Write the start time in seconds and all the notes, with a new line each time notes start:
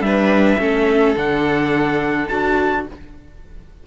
0.00 G3 D4 B4 E5
0.58 A3 C#4 A4
1.15 D3 D4 F#5
2.28 D4 F#4 A5